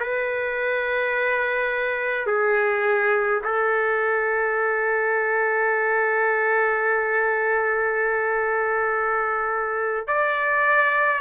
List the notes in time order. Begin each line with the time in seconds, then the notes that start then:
0.00 B4
2.27 G#4
3.44 A4
10.08 D5